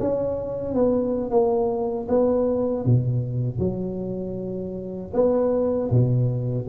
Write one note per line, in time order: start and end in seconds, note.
0.00 0.74 C#4
0.74 1.31 B3
1.31 2.08 A#3
2.09 2.85 B3
2.85 3.59 B2
3.59 5.13 F#3
5.14 5.91 B3
5.91 6.68 B2